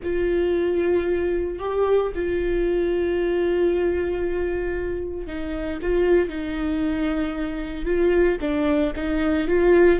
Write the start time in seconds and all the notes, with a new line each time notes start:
0.03 F4
1.59 G4
2.14 F4
5.27 D#4
5.82 F4
6.28 D#4
7.85 F4
8.40 D4
8.95 D#4
9.47 F4